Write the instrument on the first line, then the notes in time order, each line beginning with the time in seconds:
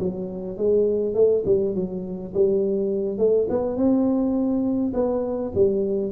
tuba
0.00 F#3
0.58 G#3
1.15 A3
1.46 G3
1.76 F#3
2.34 G3
3.19 A3
3.50 B3
3.77 C4
4.94 B3
5.56 G3